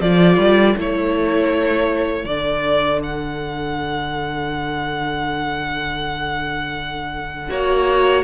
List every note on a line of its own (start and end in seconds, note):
0.00 0.38 F3
0.00 0.76 F4
0.00 7.50 A4
0.00 0.76 D5
0.38 0.75 G3
0.76 2.24 A3
0.76 2.26 E4
0.76 2.25 C#5
2.24 7.49 D3
2.24 7.50 D4
2.24 3.00 D5
3.03 8.23 F#5
7.50 8.23 A#3
7.50 8.23 F#4
7.50 8.23 C#5